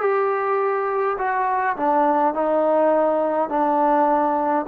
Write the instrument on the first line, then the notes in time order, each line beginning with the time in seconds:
trombone
0.00 G4
1.18 F#4
1.76 D4
2.34 D#4
3.49 D4